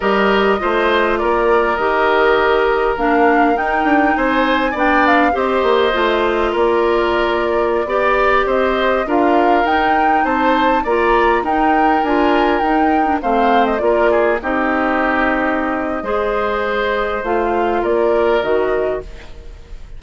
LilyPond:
<<
  \new Staff \with { instrumentName = "flute" } { \time 4/4 \tempo 4 = 101 dis''2 d''4 dis''4~ | dis''4 f''4 g''4 gis''4 | g''8 f''8 dis''2 d''4~ | d''2~ d''16 dis''4 f''8.~ |
f''16 g''4 a''4 ais''4 g''8.~ | g''16 gis''4 g''4 f''8. dis''16 d''8.~ | d''16 dis''2.~ dis''8.~ | dis''4 f''4 d''4 dis''4 | }
  \new Staff \with { instrumentName = "oboe" } { \time 4/4 ais'4 c''4 ais'2~ | ais'2. c''4 | d''4 c''2 ais'4~ | ais'4~ ais'16 d''4 c''4 ais'8.~ |
ais'4~ ais'16 c''4 d''4 ais'8.~ | ais'2~ ais'16 c''4 ais'8 gis'16~ | gis'16 g'2~ g'8. c''4~ | c''2 ais'2 | }
  \new Staff \with { instrumentName = "clarinet" } { \time 4/4 g'4 f'2 g'4~ | g'4 d'4 dis'2 | d'4 g'4 f'2~ | f'4~ f'16 g'2 f'8.~ |
f'16 dis'2 f'4 dis'8.~ | dis'16 f'4 dis'8. d'16 c'4 f'8.~ | f'16 dis'2~ dis'8. gis'4~ | gis'4 f'2 fis'4 | }
  \new Staff \with { instrumentName = "bassoon" } { \time 4/4 g4 a4 ais4 dis4~ | dis4 ais4 dis'8 d'8 c'4 | b4 c'8 ais8 a4 ais4~ | ais4~ ais16 b4 c'4 d'8.~ |
d'16 dis'4 c'4 ais4 dis'8.~ | dis'16 d'4 dis'4 a4 ais8.~ | ais16 c'2~ c'8. gis4~ | gis4 a4 ais4 dis4 | }
>>